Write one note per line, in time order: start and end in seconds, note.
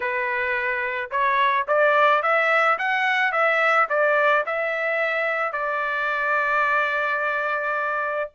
0.00 1.10 B4
1.10 1.66 C#5
1.67 2.22 D5
2.22 2.78 E5
2.78 3.32 F#5
3.32 3.87 E5
3.89 4.44 D5
4.46 5.52 E5
5.52 8.30 D5